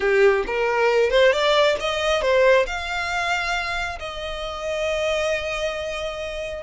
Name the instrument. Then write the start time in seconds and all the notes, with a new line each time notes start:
violin
0.00 G4
0.46 A#4
1.10 C5
1.32 D5
1.79 D#5
2.21 C5
2.66 F5
3.99 D#5